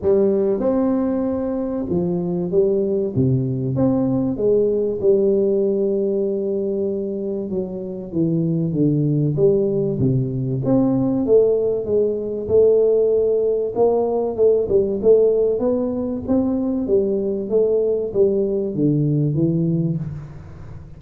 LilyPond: \new Staff \with { instrumentName = "tuba" } { \time 4/4 \tempo 4 = 96 g4 c'2 f4 | g4 c4 c'4 gis4 | g1 | fis4 e4 d4 g4 |
c4 c'4 a4 gis4 | a2 ais4 a8 g8 | a4 b4 c'4 g4 | a4 g4 d4 e4 | }